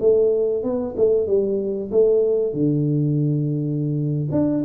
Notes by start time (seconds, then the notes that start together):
0.00 A3
0.63 B3
0.97 A3
1.27 G3
1.91 A3
2.53 D3
4.32 D4